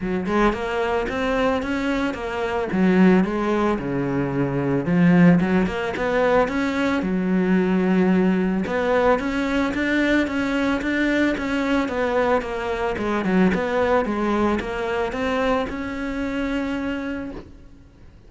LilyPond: \new Staff \with { instrumentName = "cello" } { \time 4/4 \tempo 4 = 111 fis8 gis8 ais4 c'4 cis'4 | ais4 fis4 gis4 cis4~ | cis4 f4 fis8 ais8 b4 | cis'4 fis2. |
b4 cis'4 d'4 cis'4 | d'4 cis'4 b4 ais4 | gis8 fis8 b4 gis4 ais4 | c'4 cis'2. | }